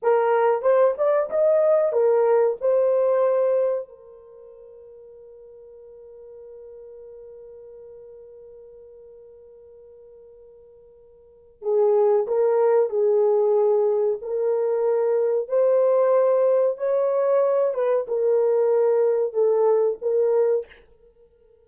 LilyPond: \new Staff \with { instrumentName = "horn" } { \time 4/4 \tempo 4 = 93 ais'4 c''8 d''8 dis''4 ais'4 | c''2 ais'2~ | ais'1~ | ais'1~ |
ais'2 gis'4 ais'4 | gis'2 ais'2 | c''2 cis''4. b'8 | ais'2 a'4 ais'4 | }